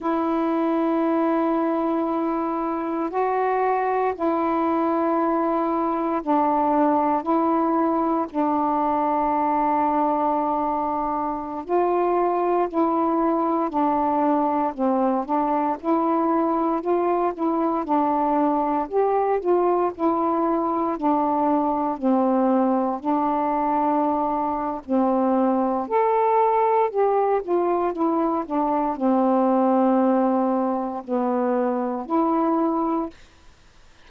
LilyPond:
\new Staff \with { instrumentName = "saxophone" } { \time 4/4 \tempo 4 = 58 e'2. fis'4 | e'2 d'4 e'4 | d'2.~ d'16 f'8.~ | f'16 e'4 d'4 c'8 d'8 e'8.~ |
e'16 f'8 e'8 d'4 g'8 f'8 e'8.~ | e'16 d'4 c'4 d'4.~ d'16 | c'4 a'4 g'8 f'8 e'8 d'8 | c'2 b4 e'4 | }